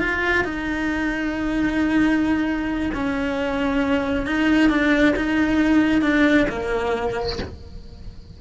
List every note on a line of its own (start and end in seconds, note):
0.00 0.45 F4
0.45 2.91 D#4
2.94 4.27 C#4
4.27 4.70 D#4
4.70 5.15 D4
5.16 6.02 D#4
6.02 6.47 D4
6.50 7.39 A#3